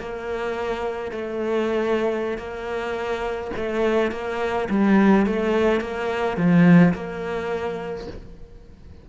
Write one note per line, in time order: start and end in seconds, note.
0.00 1.12 A#3
1.12 2.38 A3
2.38 3.51 A#3
3.56 4.12 A3
4.12 4.68 A#3
4.70 5.26 G3
5.26 5.80 A3
5.80 6.37 A#3
6.37 6.94 F3
6.94 8.07 A#3